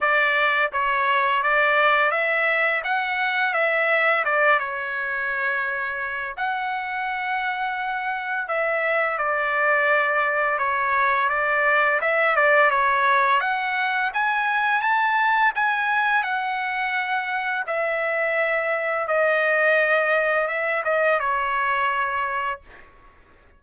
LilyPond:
\new Staff \with { instrumentName = "trumpet" } { \time 4/4 \tempo 4 = 85 d''4 cis''4 d''4 e''4 | fis''4 e''4 d''8 cis''4.~ | cis''4 fis''2. | e''4 d''2 cis''4 |
d''4 e''8 d''8 cis''4 fis''4 | gis''4 a''4 gis''4 fis''4~ | fis''4 e''2 dis''4~ | dis''4 e''8 dis''8 cis''2 | }